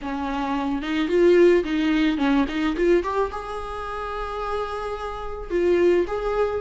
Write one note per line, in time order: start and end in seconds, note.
0.01 0.81 C#4
0.81 1.08 D#4
1.08 1.63 F4
1.63 2.17 D#4
2.17 2.45 C#4
2.48 2.76 D#4
2.76 3.03 F4
3.03 3.31 G4
3.31 5.50 G#4
5.50 6.05 F4
6.07 6.61 G#4